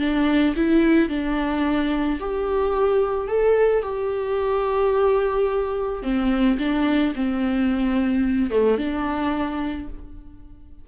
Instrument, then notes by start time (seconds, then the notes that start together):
viola
0.00 D4
0.56 E4
1.10 D4
2.20 G4
3.28 A4
3.83 G4
6.03 C4
6.59 D4
7.16 C4
8.51 A3
8.78 D4